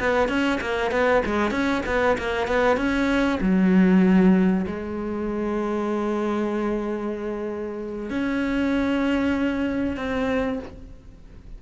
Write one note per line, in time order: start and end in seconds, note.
0.00 0.29 B3
0.29 0.60 C#4
0.61 0.92 A#3
0.92 1.23 B3
1.26 1.51 G#3
1.51 1.82 C#4
1.86 2.18 B3
2.18 2.47 A#3
2.47 2.77 B3
2.77 3.40 C#4
3.41 4.66 F#3
4.67 8.11 G#3
8.11 9.97 C#4
9.97 10.60 C4